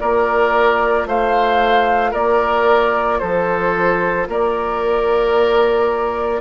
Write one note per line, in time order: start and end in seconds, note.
0.00 1.06 A#3
0.00 6.42 F4
0.00 1.08 A#4
0.00 1.07 D5
1.06 2.13 A3
1.06 2.11 C5
1.06 2.15 F5
2.11 3.21 A#3
2.11 3.19 A#4
2.11 3.20 D5
3.20 4.29 F3
3.20 4.28 A4
3.20 4.27 C5
4.29 6.42 A#3
4.29 6.42 A#4
4.29 6.42 D5